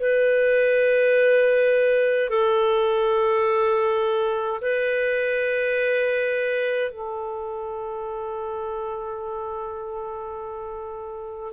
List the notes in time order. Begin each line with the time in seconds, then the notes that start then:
0.00 B4
2.30 A4
4.62 B4
6.91 A4